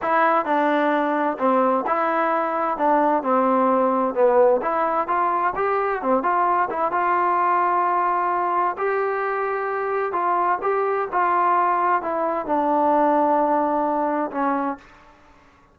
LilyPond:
\new Staff \with { instrumentName = "trombone" } { \time 4/4 \tempo 4 = 130 e'4 d'2 c'4 | e'2 d'4 c'4~ | c'4 b4 e'4 f'4 | g'4 c'8 f'4 e'8 f'4~ |
f'2. g'4~ | g'2 f'4 g'4 | f'2 e'4 d'4~ | d'2. cis'4 | }